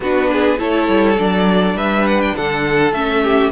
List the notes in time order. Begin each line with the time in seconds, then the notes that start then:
0.00 B3 D4 F#4 B4
0.31 G#4
0.58 A3 E4 A4 C#5
0.88 G3
1.17 F#3 D4 D5
1.74 G3 B4 E5
2.06 F#5
2.20 G5
2.36 D3 A4 F#5
2.92 A3 C#4 E5
3.23 G4